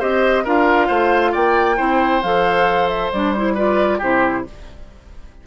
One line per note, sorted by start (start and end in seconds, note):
0.00 0.46 C4
0.00 0.45 G4
0.00 0.44 C5
0.00 0.47 D#5
0.45 0.90 D4
0.45 1.77 F4
0.45 0.88 A#4
0.45 1.35 F5
0.88 1.34 A3
0.88 1.32 C5
1.32 1.80 A#3
1.32 1.77 D5
1.32 2.23 G5
1.77 2.23 C4
1.77 2.21 E4
1.77 3.55 C5
2.23 3.12 F3
2.23 3.14 A4
2.23 2.89 F5
2.89 3.11 E5
3.13 4.02 G3
3.13 3.36 D4
3.13 3.34 D5
3.34 3.57 E4
3.34 3.56 C5
3.55 4.01 F4
3.55 3.99 B4
3.55 4.02 D5
3.99 4.46 C3
3.99 4.46 E4
3.99 4.43 G4
3.99 4.47 C5